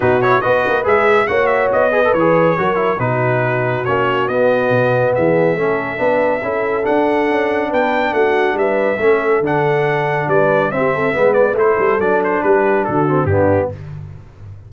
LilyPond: <<
  \new Staff \with { instrumentName = "trumpet" } { \time 4/4 \tempo 4 = 140 b'8 cis''8 dis''4 e''4 fis''8 e''8 | dis''4 cis''2 b'4~ | b'4 cis''4 dis''2 | e''1 |
fis''2 g''4 fis''4 | e''2 fis''2 | d''4 e''4. d''8 c''4 | d''8 c''8 b'4 a'4 g'4 | }
  \new Staff \with { instrumentName = "horn" } { \time 4/4 fis'4 b'2 cis''4~ | cis''8 b'4. ais'4 fis'4~ | fis'1 | gis'4 a'4 b'4 a'4~ |
a'2 b'4 fis'4 | b'4 a'2. | b'4 g'8 a'8 b'4 a'4~ | a'4 g'4 fis'4 d'4 | }
  \new Staff \with { instrumentName = "trombone" } { \time 4/4 dis'8 e'8 fis'4 gis'4 fis'4~ | fis'8 gis'16 a'16 gis'4 fis'8 e'8 dis'4~ | dis'4 cis'4 b2~ | b4 cis'4 d'4 e'4 |
d'1~ | d'4 cis'4 d'2~ | d'4 c'4 b4 e'4 | d'2~ d'8 c'8 b4 | }
  \new Staff \with { instrumentName = "tuba" } { \time 4/4 b,4 b8 ais8 gis4 ais4 | b4 e4 fis4 b,4~ | b,4 ais4 b4 b,4 | e4 a4 b4 cis'4 |
d'4 cis'4 b4 a4 | g4 a4 d2 | g4 c'4 gis4 a8 g8 | fis4 g4 d4 g,4 | }
>>